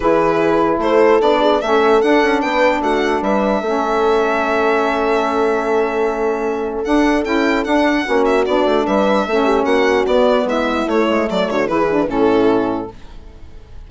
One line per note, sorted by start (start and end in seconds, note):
0.00 0.78 E3
0.00 1.20 E4
0.00 0.80 G#4
0.00 0.77 B4
0.78 1.18 A3
0.78 1.40 A4
0.78 1.21 C5
1.20 1.61 B3
1.20 1.60 D4
1.20 1.61 D5
1.40 1.60 G#4
1.61 2.01 A3
1.61 2.02 C#4
1.61 2.42 A4
1.61 2.01 E5
2.01 3.63 D4
2.01 2.23 D4
2.01 2.41 F#5
2.23 2.43 C#4
2.41 2.80 B3
2.41 2.82 B4
2.41 2.81 G5
2.80 3.21 A3
2.80 3.22 F#4
2.80 3.23 F#5
3.21 3.61 G3
3.21 3.61 B4
3.21 6.83 E5
3.61 6.83 A3
3.61 6.84 C#4
3.61 8.04 A4
6.83 7.24 D4
6.83 7.24 F#5
7.24 7.65 C#4
7.24 7.65 E4
7.24 7.64 G5
7.64 8.04 D4
7.64 8.05 D4
7.64 8.24 F#5
8.04 8.46 A#3
8.04 8.45 C#4
8.04 8.85 F#4
8.24 8.45 E5
8.45 8.65 B3
8.45 9.27 D4
8.45 8.85 D5
8.65 8.85 A3
8.85 9.26 G3
8.85 9.26 B4
8.85 9.65 E5
9.26 9.65 A3
9.26 10.07 C#4
9.26 9.44 A4
9.44 9.64 G4
9.64 10.05 A#3
9.64 10.44 F#4
9.64 10.05 F#5
10.06 10.44 B3
10.06 10.88 B3
10.06 10.47 D5
10.44 10.85 G#3
10.44 11.28 E4
10.44 10.88 E5
10.86 11.06 A3
10.86 11.66 A3
10.86 11.29 C#5
11.09 11.29 G#3
11.28 11.49 F#3
11.28 11.48 A4
11.28 11.50 D5
11.49 11.68 D3
11.49 11.69 F#4
11.49 11.67 C#5
11.66 12.08 E3
11.66 11.87 E4
11.66 12.07 G#4
11.66 12.07 B4
11.89 12.06 D4
12.06 12.88 A2
12.06 12.87 C#4
12.06 12.88 E4
12.06 12.91 A4